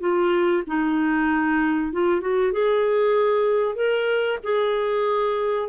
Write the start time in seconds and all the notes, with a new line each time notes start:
0.00 F4
0.67 D#4
1.92 F4
2.21 F#4
2.52 G#4
3.76 A#4
4.43 G#4